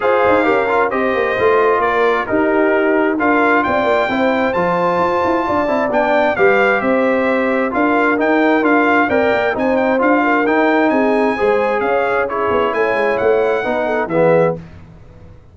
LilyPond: <<
  \new Staff \with { instrumentName = "trumpet" } { \time 4/4 \tempo 4 = 132 f''2 dis''2 | d''4 ais'2 f''4 | g''2 a''2~ | a''4 g''4 f''4 e''4~ |
e''4 f''4 g''4 f''4 | g''4 gis''8 g''8 f''4 g''4 | gis''2 f''4 cis''4 | gis''4 fis''2 e''4 | }
  \new Staff \with { instrumentName = "horn" } { \time 4/4 c''4 ais'4 c''2 | ais'4 g'2 ais'4 | d''4 c''2. | d''2 b'4 c''4~ |
c''4 ais'2. | d''4 c''4. ais'4. | gis'4 c''4 cis''4 gis'4 | cis''2 b'8 a'8 gis'4 | }
  \new Staff \with { instrumentName = "trombone" } { \time 4/4 gis'4 g'8 f'8 g'4 f'4~ | f'4 dis'2 f'4~ | f'4 e'4 f'2~ | f'8 e'8 d'4 g'2~ |
g'4 f'4 dis'4 f'4 | ais'4 dis'4 f'4 dis'4~ | dis'4 gis'2 e'4~ | e'2 dis'4 b4 | }
  \new Staff \with { instrumentName = "tuba" } { \time 4/4 f'8 dis'8 cis'4 c'8 ais8 a4 | ais4 dis'2 d'4 | c'8 ais8 c'4 f4 f'8 e'8 | d'8 c'8 b4 g4 c'4~ |
c'4 d'4 dis'4 d'4 | c'8 ais8 c'4 d'4 dis'4 | c'4 gis4 cis'4. b8 | a8 gis8 a4 b4 e4 | }
>>